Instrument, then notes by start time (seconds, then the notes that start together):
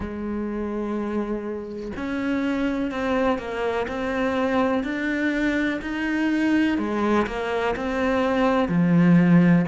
cello
0.00 G#3
1.96 C#4
2.91 C4
3.38 A#3
3.88 C4
4.83 D4
5.81 D#4
6.77 G#3
7.26 A#3
7.76 C4
8.68 F3